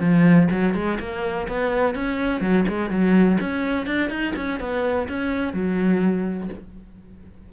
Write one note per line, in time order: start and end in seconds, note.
0.00 0.48 F3
0.51 0.74 F#3
0.74 0.98 G#3
0.99 1.47 A#3
1.47 1.95 B3
1.95 2.41 C#4
2.41 2.65 F#3
2.68 2.90 G#3
2.90 3.38 F#3
3.40 3.86 C#4
3.86 4.09 D4
4.09 4.33 D#4
4.35 4.59 C#4
4.59 5.07 B3
5.08 5.53 C#4
5.53 6.49 F#3